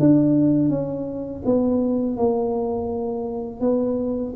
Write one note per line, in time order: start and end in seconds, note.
0.00 0.70 D4
0.70 1.43 C#4
1.46 2.17 B3
2.17 3.61 A#3
3.61 4.34 B3